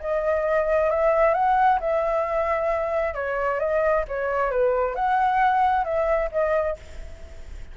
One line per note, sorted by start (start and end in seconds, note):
0.00 0.90 D#5
0.90 1.34 E5
1.34 1.79 F#5
1.80 3.15 E5
3.15 3.59 C#5
3.59 4.05 D#5
4.08 4.51 C#5
4.51 4.95 B4
4.95 5.84 F#5
5.84 6.30 E5
6.32 6.77 D#5